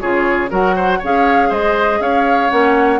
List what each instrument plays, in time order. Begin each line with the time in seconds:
0.00 bassoon C#3, clarinet F4, oboe G#4, flute C#5
0.49 bassoon F#3, clarinet F#4, oboe A#4, flute F#5
0.76 oboe C5
0.98 bassoon C#4, clarinet G#4, oboe C#5
1.04 flute F5
1.49 bassoon G#3, oboe C5, flute D#5
2.00 bassoon C#4, oboe C#5, flute F5
2.50 bassoon A#3, clarinet C#4, flute F#5